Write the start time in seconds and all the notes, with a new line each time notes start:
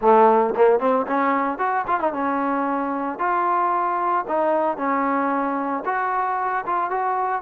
0.01 A3
0.55 A#3
0.79 C4
1.06 C#4
1.58 F#4
1.87 F4
2.00 D#4
2.12 C#4
3.19 F4
4.27 D#4
4.77 C#4
5.85 F#4
6.65 F4
6.90 F#4